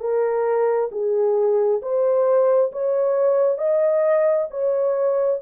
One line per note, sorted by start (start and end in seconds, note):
0.00 0.90 A#4
0.92 1.81 G#4
1.82 2.72 C5
2.72 3.58 C#5
3.58 4.47 D#5
4.50 5.40 C#5